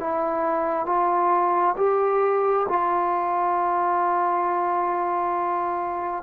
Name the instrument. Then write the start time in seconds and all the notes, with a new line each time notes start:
trombone
0.00 E4
0.86 F4
1.77 G4
2.69 F4